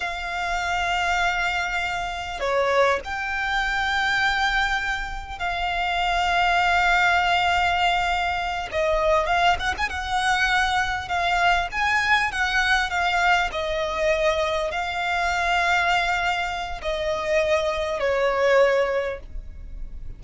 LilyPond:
\new Staff \with { instrumentName = "violin" } { \time 4/4 \tempo 4 = 100 f''1 | cis''4 g''2.~ | g''4 f''2.~ | f''2~ f''8 dis''4 f''8 |
fis''16 gis''16 fis''2 f''4 gis''8~ | gis''8 fis''4 f''4 dis''4.~ | dis''8 f''2.~ f''8 | dis''2 cis''2 | }